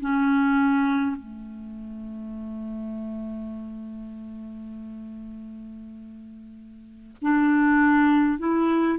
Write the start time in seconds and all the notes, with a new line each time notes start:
0.00 C#4
1.16 A3
7.22 D4
8.39 E4